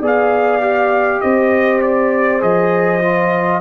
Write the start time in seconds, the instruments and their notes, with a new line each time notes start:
0.00 tuba B3, trombone G#4, horn D5, trumpet F5
0.60 trombone G4
1.21 tuba C4, horn C5, trumpet D#5
1.81 trumpet D5
2.40 tuba F3, trombone G#4, trumpet D#5
3.01 trombone F4